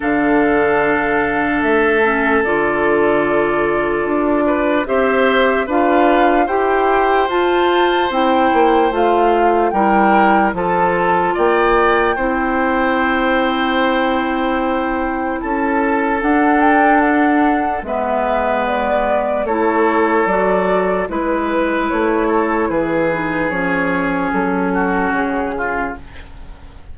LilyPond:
<<
  \new Staff \with { instrumentName = "flute" } { \time 4/4 \tempo 4 = 74 f''2 e''4 d''4~ | d''2 e''4 f''4 | g''4 a''4 g''4 f''4 | g''4 a''4 g''2~ |
g''2. a''4 | fis''8 g''8 fis''4 e''4 d''4 | cis''4 d''4 b'4 cis''4 | b'4 cis''4 a'4 gis'4 | }
  \new Staff \with { instrumentName = "oboe" } { \time 4/4 a'1~ | a'4. b'8 c''4 b'4 | c''1 | ais'4 a'4 d''4 c''4~ |
c''2. a'4~ | a'2 b'2 | a'2 b'4. a'8 | gis'2~ gis'8 fis'4 f'8 | }
  \new Staff \with { instrumentName = "clarinet" } { \time 4/4 d'2~ d'8 cis'8 f'4~ | f'2 g'4 f'4 | g'4 f'4 e'4 f'4 | e'4 f'2 e'4~ |
e'1 | d'2 b2 | e'4 fis'4 e'2~ | e'8 dis'8 cis'2. | }
  \new Staff \with { instrumentName = "bassoon" } { \time 4/4 d2 a4 d4~ | d4 d'4 c'4 d'4 | e'4 f'4 c'8 ais8 a4 | g4 f4 ais4 c'4~ |
c'2. cis'4 | d'2 gis2 | a4 fis4 gis4 a4 | e4 f4 fis4 cis4 | }
>>